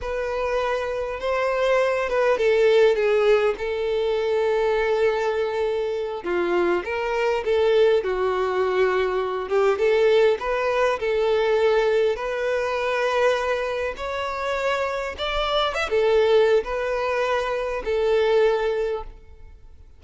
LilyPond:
\new Staff \with { instrumentName = "violin" } { \time 4/4 \tempo 4 = 101 b'2 c''4. b'8 | a'4 gis'4 a'2~ | a'2~ a'8 f'4 ais'8~ | ais'8 a'4 fis'2~ fis'8 |
g'8 a'4 b'4 a'4.~ | a'8 b'2. cis''8~ | cis''4. d''4 e''16 a'4~ a'16 | b'2 a'2 | }